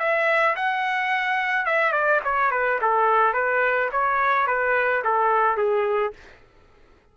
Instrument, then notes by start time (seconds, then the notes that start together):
trumpet
0.00 E5
0.56 F#5
1.66 E5
1.93 D5
2.25 C#5
2.52 B4
2.82 A4
3.34 B4
3.92 C#5
4.48 B4
5.05 A4
5.57 G#4